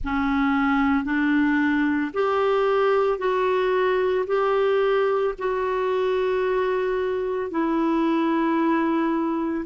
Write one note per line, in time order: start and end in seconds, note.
0.03 1.04 C#4
1.04 2.11 D4
2.13 3.18 G4
3.18 4.25 F#4
4.27 5.34 G4
5.38 7.50 F#4
7.50 9.64 E4